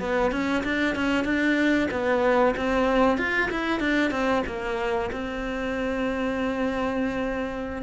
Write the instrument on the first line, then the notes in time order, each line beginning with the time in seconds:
cello
0.00 B3
0.32 C#4
0.64 D4
0.96 C#4
1.25 D4
1.91 B3
2.57 C4
3.18 F4
3.51 E4
3.80 D4
4.11 C4
4.47 A#3
5.12 C4